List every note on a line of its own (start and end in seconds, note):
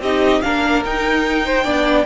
0.00 0.41 C4
0.00 0.43 D#4
0.00 0.42 G4
0.00 0.42 D#5
0.42 0.85 A#3
0.42 0.84 D4
0.42 1.46 A#4
0.42 0.83 F5
0.85 1.65 D#4
0.85 1.64 D#4
0.85 2.06 G5
1.46 1.64 C5
1.64 2.06 B3
1.64 2.05 D4
1.64 2.05 D5